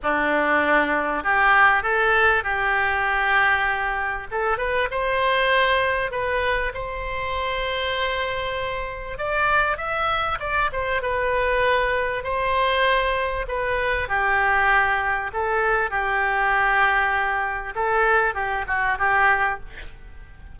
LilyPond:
\new Staff \with { instrumentName = "oboe" } { \time 4/4 \tempo 4 = 98 d'2 g'4 a'4 | g'2. a'8 b'8 | c''2 b'4 c''4~ | c''2. d''4 |
e''4 d''8 c''8 b'2 | c''2 b'4 g'4~ | g'4 a'4 g'2~ | g'4 a'4 g'8 fis'8 g'4 | }